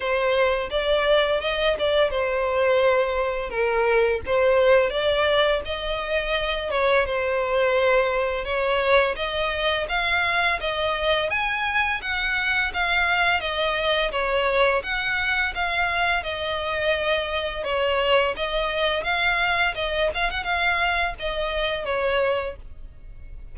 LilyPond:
\new Staff \with { instrumentName = "violin" } { \time 4/4 \tempo 4 = 85 c''4 d''4 dis''8 d''8 c''4~ | c''4 ais'4 c''4 d''4 | dis''4. cis''8 c''2 | cis''4 dis''4 f''4 dis''4 |
gis''4 fis''4 f''4 dis''4 | cis''4 fis''4 f''4 dis''4~ | dis''4 cis''4 dis''4 f''4 | dis''8 f''16 fis''16 f''4 dis''4 cis''4 | }